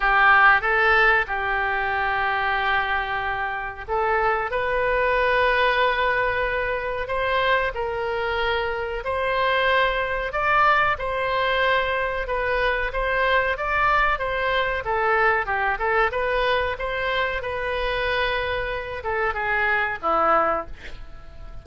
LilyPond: \new Staff \with { instrumentName = "oboe" } { \time 4/4 \tempo 4 = 93 g'4 a'4 g'2~ | g'2 a'4 b'4~ | b'2. c''4 | ais'2 c''2 |
d''4 c''2 b'4 | c''4 d''4 c''4 a'4 | g'8 a'8 b'4 c''4 b'4~ | b'4. a'8 gis'4 e'4 | }